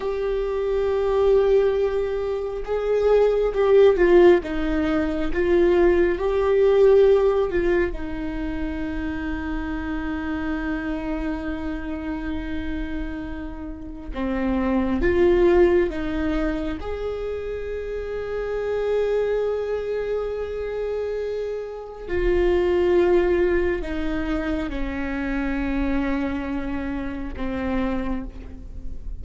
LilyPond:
\new Staff \with { instrumentName = "viola" } { \time 4/4 \tempo 4 = 68 g'2. gis'4 | g'8 f'8 dis'4 f'4 g'4~ | g'8 f'8 dis'2.~ | dis'1 |
c'4 f'4 dis'4 gis'4~ | gis'1~ | gis'4 f'2 dis'4 | cis'2. c'4 | }